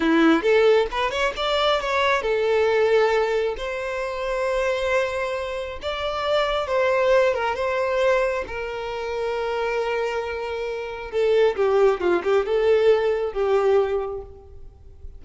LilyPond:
\new Staff \with { instrumentName = "violin" } { \time 4/4 \tempo 4 = 135 e'4 a'4 b'8 cis''8 d''4 | cis''4 a'2. | c''1~ | c''4 d''2 c''4~ |
c''8 ais'8 c''2 ais'4~ | ais'1~ | ais'4 a'4 g'4 f'8 g'8 | a'2 g'2 | }